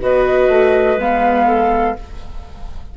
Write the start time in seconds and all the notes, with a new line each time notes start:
0.00 B3 F#4 B4 D#5
0.48 A3
0.96 G#3 B3 F5
1.46 A4